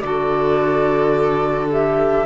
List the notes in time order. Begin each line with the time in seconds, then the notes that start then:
0.00 D3 F#4 A4 D5
1.70 G4 E5